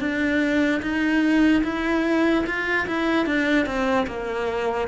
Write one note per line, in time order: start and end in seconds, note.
0.00 0.81 D4
0.82 1.63 D#4
1.64 2.45 E4
2.47 2.87 F4
2.87 3.27 E4
3.27 3.66 D4
3.66 4.07 C4
4.07 4.88 A#3